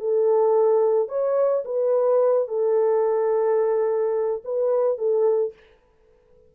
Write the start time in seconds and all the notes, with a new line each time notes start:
0.00 A4
1.08 C#5
1.65 B4
2.48 A4
4.44 B4
4.98 A4